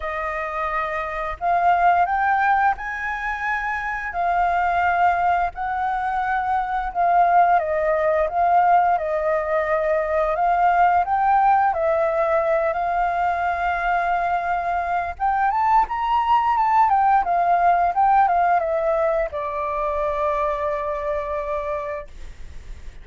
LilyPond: \new Staff \with { instrumentName = "flute" } { \time 4/4 \tempo 4 = 87 dis''2 f''4 g''4 | gis''2 f''2 | fis''2 f''4 dis''4 | f''4 dis''2 f''4 |
g''4 e''4. f''4.~ | f''2 g''8 a''8 ais''4 | a''8 g''8 f''4 g''8 f''8 e''4 | d''1 | }